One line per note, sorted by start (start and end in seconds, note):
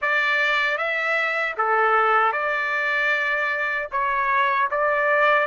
0.01 0.77 D5
0.77 1.55 E5
1.57 2.32 A4
2.32 3.88 D5
3.91 4.69 C#5
4.70 5.46 D5